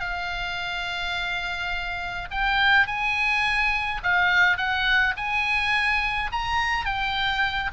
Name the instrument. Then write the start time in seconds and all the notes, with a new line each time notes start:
oboe
0.00 F5
2.31 G5
2.87 G#5
4.03 F5
4.57 F#5
5.17 G#5
6.32 A#5
6.85 G5